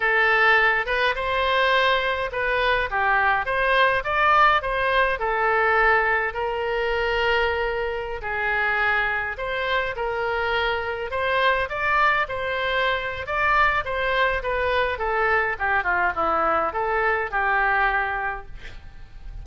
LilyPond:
\new Staff \with { instrumentName = "oboe" } { \time 4/4 \tempo 4 = 104 a'4. b'8 c''2 | b'4 g'4 c''4 d''4 | c''4 a'2 ais'4~ | ais'2~ ais'16 gis'4.~ gis'16~ |
gis'16 c''4 ais'2 c''8.~ | c''16 d''4 c''4.~ c''16 d''4 | c''4 b'4 a'4 g'8 f'8 | e'4 a'4 g'2 | }